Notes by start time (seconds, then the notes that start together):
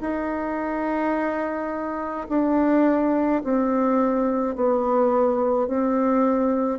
0.00 D#4
2.29 D4
3.43 C4
4.55 B3
5.67 C4